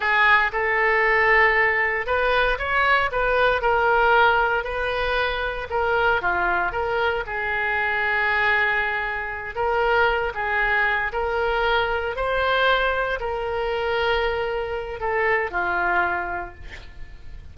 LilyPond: \new Staff \with { instrumentName = "oboe" } { \time 4/4 \tempo 4 = 116 gis'4 a'2. | b'4 cis''4 b'4 ais'4~ | ais'4 b'2 ais'4 | f'4 ais'4 gis'2~ |
gis'2~ gis'8 ais'4. | gis'4. ais'2 c''8~ | c''4. ais'2~ ais'8~ | ais'4 a'4 f'2 | }